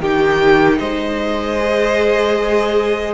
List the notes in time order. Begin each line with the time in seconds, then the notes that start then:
0.00 D#3 D#4 G4 G5
0.78 G#3 C5 D#5
1.60 G#4